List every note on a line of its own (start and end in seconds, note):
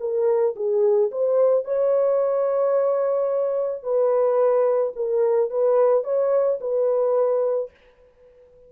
0.00 0.55 A#4
0.56 1.11 G#4
1.12 1.64 C5
1.64 3.83 C#5
3.83 4.93 B4
4.96 5.50 A#4
5.50 6.04 B4
6.04 6.59 C#5
6.61 7.71 B4